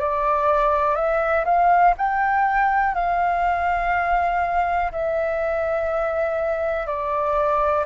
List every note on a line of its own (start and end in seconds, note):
0.00 0.96 D5
0.96 1.45 E5
1.45 1.95 F5
1.98 2.95 G5
2.95 4.92 F5
4.92 6.87 E5
6.87 7.86 D5